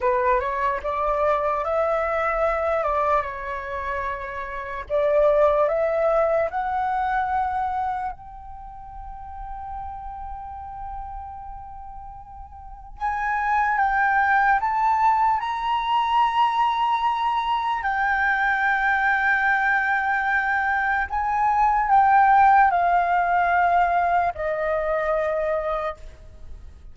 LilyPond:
\new Staff \with { instrumentName = "flute" } { \time 4/4 \tempo 4 = 74 b'8 cis''8 d''4 e''4. d''8 | cis''2 d''4 e''4 | fis''2 g''2~ | g''1 |
gis''4 g''4 a''4 ais''4~ | ais''2 g''2~ | g''2 gis''4 g''4 | f''2 dis''2 | }